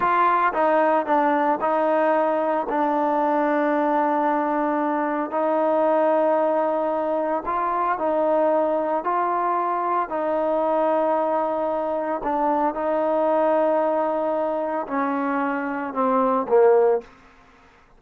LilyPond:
\new Staff \with { instrumentName = "trombone" } { \time 4/4 \tempo 4 = 113 f'4 dis'4 d'4 dis'4~ | dis'4 d'2.~ | d'2 dis'2~ | dis'2 f'4 dis'4~ |
dis'4 f'2 dis'4~ | dis'2. d'4 | dis'1 | cis'2 c'4 ais4 | }